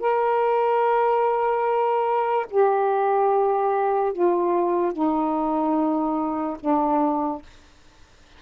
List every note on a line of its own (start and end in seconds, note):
0.00 2.47 A#4
2.51 4.13 G4
4.13 4.93 F4
4.93 6.57 D#4
6.60 7.42 D4